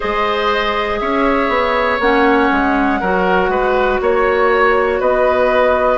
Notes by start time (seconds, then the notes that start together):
0.00 G#3 G#4 C5 D#5
0.99 C#4 C#5 E5
1.48 B3
1.99 A#3 C#4 F#5
2.51 G#3
3.00 F#3 F#4 A#4
3.48 G#3 B4
4.00 A#3 C#5
4.99 B3 B4 D#5